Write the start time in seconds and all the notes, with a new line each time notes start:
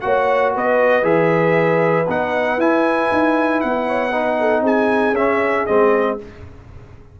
0.00 A#3 F#4 C#5 F#5
0.54 B3 B4 D#5
1.03 E3 G#4 E5
2.08 B3 D#4 F#5
2.57 E4 G#5
3.11 D#4
3.60 B3 F#5
3.87 C#5
4.11 D#4 B4
4.40 A4
4.61 C4 G#4 G#5
5.12 C#4 E5
5.66 G#3 C4 D#5